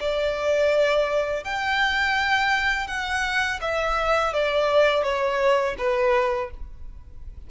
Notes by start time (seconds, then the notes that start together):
0.00 D5
1.44 G5
2.87 F#5
3.61 E5
4.33 D5
5.03 C#5
5.78 B4